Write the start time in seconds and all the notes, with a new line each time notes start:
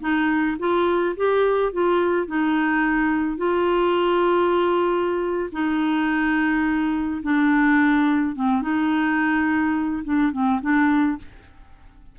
0.00 D#4
0.59 F4
1.17 G4
1.72 F4
2.27 D#4
3.37 F4
5.52 D#4
7.22 D4
8.35 C4
8.62 D#4
10.04 D4
10.32 C4
10.61 D4